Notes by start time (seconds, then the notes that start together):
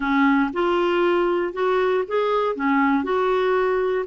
0.00 C#4
0.53 F4
1.53 F#4
2.07 G#4
2.55 C#4
3.03 F#4